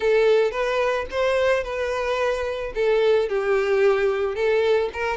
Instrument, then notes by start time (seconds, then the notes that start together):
violin
0.00 A4
0.51 B4
1.10 C5
1.63 B4
2.74 A4
3.28 G4
4.35 A4
4.93 A#4